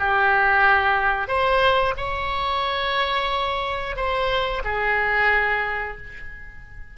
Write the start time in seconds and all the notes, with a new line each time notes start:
0.00 G4
1.28 C5
1.97 C#5
3.97 C5
4.65 G#4